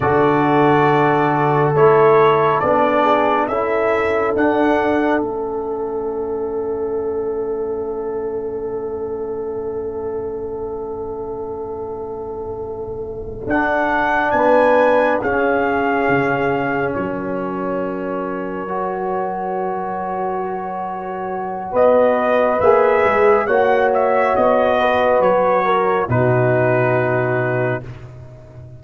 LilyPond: <<
  \new Staff \with { instrumentName = "trumpet" } { \time 4/4 \tempo 4 = 69 d''2 cis''4 d''4 | e''4 fis''4 e''2~ | e''1~ | e''2.~ e''8 fis''8~ |
fis''8 gis''4 f''2 cis''8~ | cis''1~ | cis''4 dis''4 e''4 fis''8 e''8 | dis''4 cis''4 b'2 | }
  \new Staff \with { instrumentName = "horn" } { \time 4/4 a'2.~ a'8 gis'8 | a'1~ | a'1~ | a'1~ |
a'8 b'4 gis'2 ais'8~ | ais'1~ | ais'4 b'2 cis''4~ | cis''8 b'4 ais'8 fis'2 | }
  \new Staff \with { instrumentName = "trombone" } { \time 4/4 fis'2 e'4 d'4 | e'4 d'4 cis'2~ | cis'1~ | cis'2.~ cis'8 d'8~ |
d'4. cis'2~ cis'8~ | cis'4. fis'2~ fis'8~ | fis'2 gis'4 fis'4~ | fis'2 dis'2 | }
  \new Staff \with { instrumentName = "tuba" } { \time 4/4 d2 a4 b4 | cis'4 d'4 a2~ | a1~ | a2.~ a8 d'8~ |
d'8 b4 cis'4 cis4 fis8~ | fis1~ | fis4 b4 ais8 gis8 ais4 | b4 fis4 b,2 | }
>>